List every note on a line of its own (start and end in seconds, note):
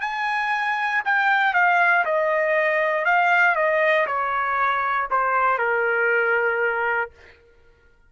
0.00 1.02 G#5
1.04 1.53 G5
1.53 2.04 F5
2.05 3.05 D#5
3.05 3.55 F5
3.55 4.06 D#5
4.06 5.08 C#5
5.10 5.58 C5
5.58 7.10 A#4